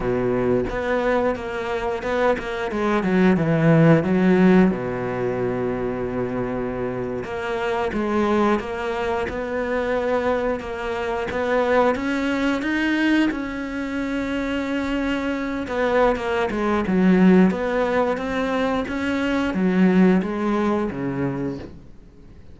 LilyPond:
\new Staff \with { instrumentName = "cello" } { \time 4/4 \tempo 4 = 89 b,4 b4 ais4 b8 ais8 | gis8 fis8 e4 fis4 b,4~ | b,2~ b,8. ais4 gis16~ | gis8. ais4 b2 ais16~ |
ais8. b4 cis'4 dis'4 cis'16~ | cis'2.~ cis'16 b8. | ais8 gis8 fis4 b4 c'4 | cis'4 fis4 gis4 cis4 | }